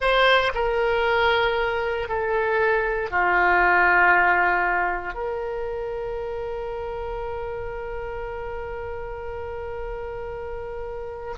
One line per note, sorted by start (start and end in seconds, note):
0.00 0.52 C5
0.54 2.08 A#4
2.08 3.10 A4
3.10 5.14 F4
5.14 11.35 A#4